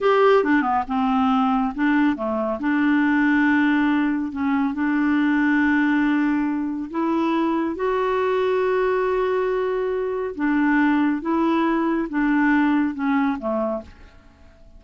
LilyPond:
\new Staff \with { instrumentName = "clarinet" } { \time 4/4 \tempo 4 = 139 g'4 d'8 b8 c'2 | d'4 a4 d'2~ | d'2 cis'4 d'4~ | d'1 |
e'2 fis'2~ | fis'1 | d'2 e'2 | d'2 cis'4 a4 | }